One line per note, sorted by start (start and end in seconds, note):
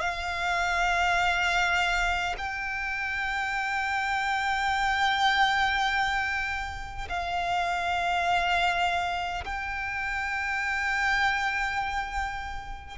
0.00 2.35 F5
2.37 7.08 G5
7.09 9.44 F5
9.44 12.97 G5